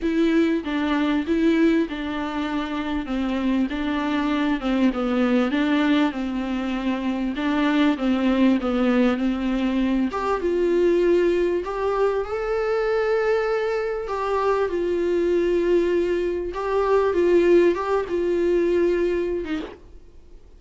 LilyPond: \new Staff \with { instrumentName = "viola" } { \time 4/4 \tempo 4 = 98 e'4 d'4 e'4 d'4~ | d'4 c'4 d'4. c'8 | b4 d'4 c'2 | d'4 c'4 b4 c'4~ |
c'8 g'8 f'2 g'4 | a'2. g'4 | f'2. g'4 | f'4 g'8 f'2~ f'16 dis'16 | }